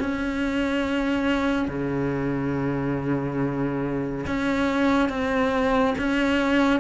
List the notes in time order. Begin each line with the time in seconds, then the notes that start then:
0.00 C#4
1.69 C#3
4.27 C#4
5.09 C4
5.98 C#4